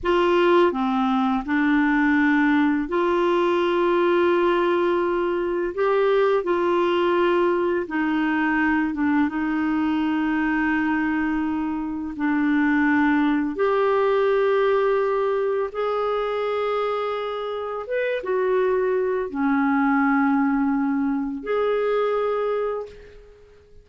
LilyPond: \new Staff \with { instrumentName = "clarinet" } { \time 4/4 \tempo 4 = 84 f'4 c'4 d'2 | f'1 | g'4 f'2 dis'4~ | dis'8 d'8 dis'2.~ |
dis'4 d'2 g'4~ | g'2 gis'2~ | gis'4 b'8 fis'4. cis'4~ | cis'2 gis'2 | }